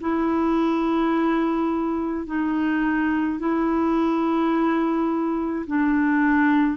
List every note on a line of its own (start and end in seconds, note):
0.00 2.26 E4
2.26 3.39 D#4
3.39 5.66 E4
5.67 6.77 D4